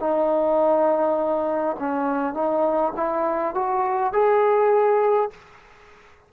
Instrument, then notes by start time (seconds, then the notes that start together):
trombone
0.00 D#4
1.80 C#4
2.34 D#4
2.97 E4
3.55 F#4
4.13 G#4